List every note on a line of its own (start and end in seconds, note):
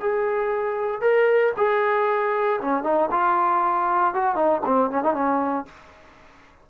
0.00 1.01 G#4
1.01 1.52 A#4
1.57 2.60 G#4
2.61 2.83 C#4
2.83 3.09 D#4
3.11 4.14 F4
4.14 4.35 F#4
4.35 4.61 D#4
4.65 4.90 C4
4.90 5.03 C#4
5.03 5.13 D#4
5.13 5.65 C#4